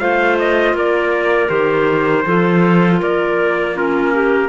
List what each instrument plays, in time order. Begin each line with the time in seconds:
0.00 cello A3, clarinet F4 C5, trumpet F5
0.39 trumpet D#5
0.74 cello A#3, clarinet A#4, trumpet D5
1.49 cello D#3, clarinet G4, trumpet C5
2.26 cello F3, clarinet F4 A4
3.01 cello A#3, clarinet A#4, trumpet D5
3.75 clarinet C#4 F4, trumpet A#4
4.14 clarinet G4